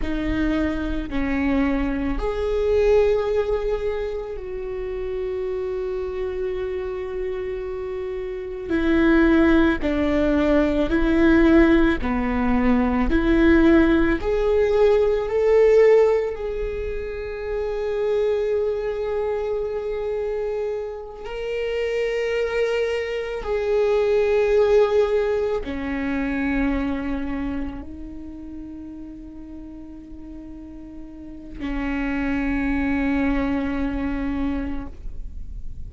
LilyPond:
\new Staff \with { instrumentName = "viola" } { \time 4/4 \tempo 4 = 55 dis'4 cis'4 gis'2 | fis'1 | e'4 d'4 e'4 b4 | e'4 gis'4 a'4 gis'4~ |
gis'2.~ gis'8 ais'8~ | ais'4. gis'2 cis'8~ | cis'4. dis'2~ dis'8~ | dis'4 cis'2. | }